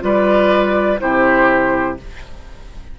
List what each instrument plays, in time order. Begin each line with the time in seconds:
0.00 bassoon G3, clarinet F4, oboe B4, flute D5
0.99 bassoon C3, clarinet E4, oboe G4, flute C5